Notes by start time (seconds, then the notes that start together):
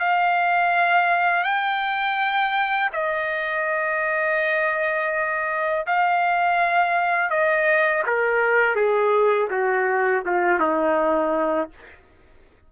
0.00 F5
1.44 G5
2.93 D#5
5.87 F5
7.30 D#5
8.07 A#4
8.76 G#4
9.51 F#4
10.26 F4
10.60 D#4